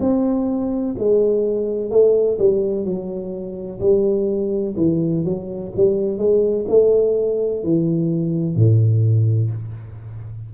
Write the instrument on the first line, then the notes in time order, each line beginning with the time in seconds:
tuba
0.00 C4
0.98 G#3
1.90 A3
2.39 G3
2.84 F#3
3.80 G3
4.77 E3
5.24 F#3
5.76 G3
6.18 G#3
6.68 A3
7.63 E3
8.55 A2